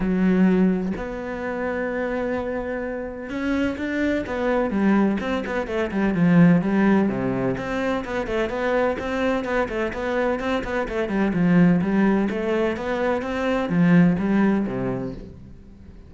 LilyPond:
\new Staff \with { instrumentName = "cello" } { \time 4/4 \tempo 4 = 127 fis2 b2~ | b2. cis'4 | d'4 b4 g4 c'8 b8 | a8 g8 f4 g4 c4 |
c'4 b8 a8 b4 c'4 | b8 a8 b4 c'8 b8 a8 g8 | f4 g4 a4 b4 | c'4 f4 g4 c4 | }